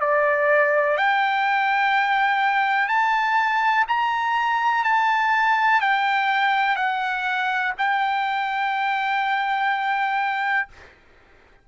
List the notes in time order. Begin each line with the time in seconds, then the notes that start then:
0.00 D5
0.97 G5
2.88 A5
3.88 A#5
4.84 A5
5.81 G5
6.76 F#5
7.78 G5